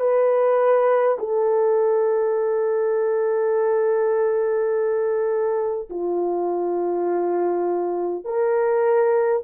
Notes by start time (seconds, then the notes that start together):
0.00 B4
1.19 A4
5.90 F4
8.25 A#4